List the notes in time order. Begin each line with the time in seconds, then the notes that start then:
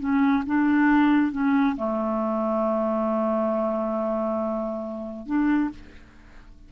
0.00 C#4
0.47 D4
1.32 C#4
1.76 A3
5.26 D4